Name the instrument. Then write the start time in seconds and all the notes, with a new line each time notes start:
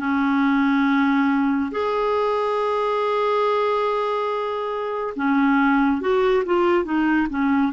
clarinet
0.00 C#4
1.72 G#4
5.16 C#4
6.02 F#4
6.46 F4
6.85 D#4
7.30 C#4